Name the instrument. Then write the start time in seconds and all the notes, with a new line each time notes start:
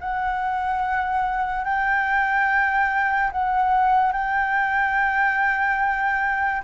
flute
0.00 F#5
1.64 G5
3.31 F#5
4.12 G5